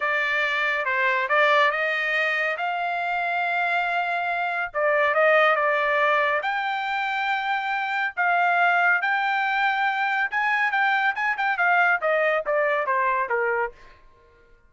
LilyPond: \new Staff \with { instrumentName = "trumpet" } { \time 4/4 \tempo 4 = 140 d''2 c''4 d''4 | dis''2 f''2~ | f''2. d''4 | dis''4 d''2 g''4~ |
g''2. f''4~ | f''4 g''2. | gis''4 g''4 gis''8 g''8 f''4 | dis''4 d''4 c''4 ais'4 | }